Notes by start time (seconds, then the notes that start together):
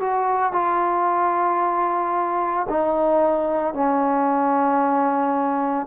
0.00 F#4
0.53 F4
2.69 D#4
3.74 C#4